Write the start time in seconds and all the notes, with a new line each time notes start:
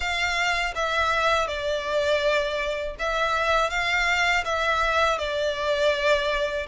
0.00 F5
0.75 E5
1.47 D5
2.99 E5
3.70 F5
4.44 E5
5.18 D5